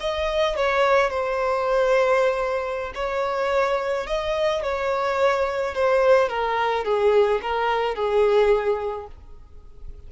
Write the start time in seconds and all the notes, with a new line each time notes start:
0.00 D#5
0.56 C#5
1.10 C5
2.94 C#5
4.07 D#5
4.63 C#5
5.75 C5
6.29 A#4
6.85 G#4
7.42 A#4
7.95 G#4